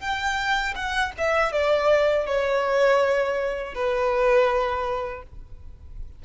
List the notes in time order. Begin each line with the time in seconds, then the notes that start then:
0.00 G5
0.75 F#5
1.18 E5
1.52 D5
2.26 C#5
3.74 B4